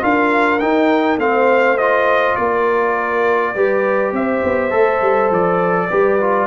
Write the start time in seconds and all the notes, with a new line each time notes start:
0.00 D4 F4 A#4 F5
0.59 D#4 G5
1.16 A3 C4 C5 F5
1.77 F4 D#5
2.35 A#3 A#4 D5
3.55 G3 G4 B4
4.12 C4 C5 E5
4.43 B3
4.70 A3 A4
5.01 G3
5.31 F3 D5
5.89 G3 G4 B4
6.20 F4